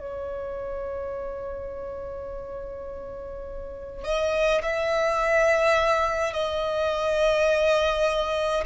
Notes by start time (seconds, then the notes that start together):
0.00 C#5
4.04 D#5
4.63 E5
6.33 D#5